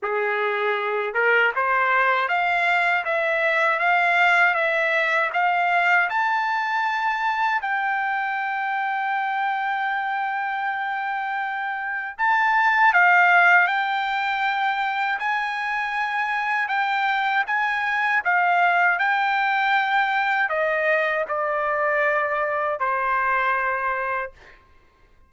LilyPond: \new Staff \with { instrumentName = "trumpet" } { \time 4/4 \tempo 4 = 79 gis'4. ais'8 c''4 f''4 | e''4 f''4 e''4 f''4 | a''2 g''2~ | g''1 |
a''4 f''4 g''2 | gis''2 g''4 gis''4 | f''4 g''2 dis''4 | d''2 c''2 | }